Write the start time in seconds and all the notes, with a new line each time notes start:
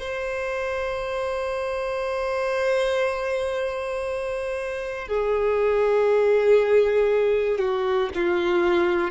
0.00 C5
5.08 G#4
7.59 F#4
8.15 F4